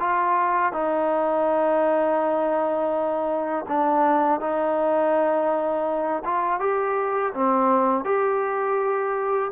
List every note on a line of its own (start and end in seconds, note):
0.00 0.73 F4
0.73 3.66 D#4
3.69 4.40 D4
4.40 6.23 D#4
6.25 6.60 F4
6.60 7.33 G4
7.34 8.05 C4
8.05 9.51 G4